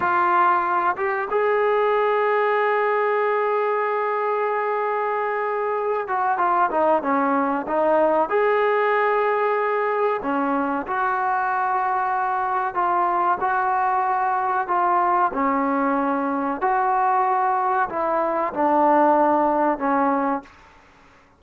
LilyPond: \new Staff \with { instrumentName = "trombone" } { \time 4/4 \tempo 4 = 94 f'4. g'8 gis'2~ | gis'1~ | gis'4. fis'8 f'8 dis'8 cis'4 | dis'4 gis'2. |
cis'4 fis'2. | f'4 fis'2 f'4 | cis'2 fis'2 | e'4 d'2 cis'4 | }